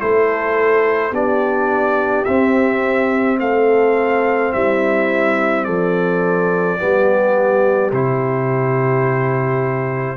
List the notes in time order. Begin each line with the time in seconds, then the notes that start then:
0.00 A3 E4 A4 C5
1.12 B3 D4 G4 D5
2.25 C4 E5
3.40 A3 A4 F5
4.53 G3 E4 E5
5.65 F3 A4 D5
6.79 G3 B3 G4
7.92 C3 E4 C5